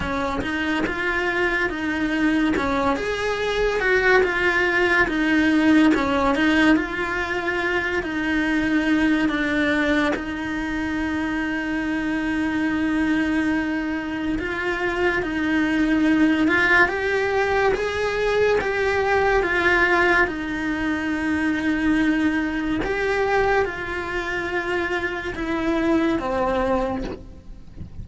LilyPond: \new Staff \with { instrumentName = "cello" } { \time 4/4 \tempo 4 = 71 cis'8 dis'8 f'4 dis'4 cis'8 gis'8~ | gis'8 fis'8 f'4 dis'4 cis'8 dis'8 | f'4. dis'4. d'4 | dis'1~ |
dis'4 f'4 dis'4. f'8 | g'4 gis'4 g'4 f'4 | dis'2. g'4 | f'2 e'4 c'4 | }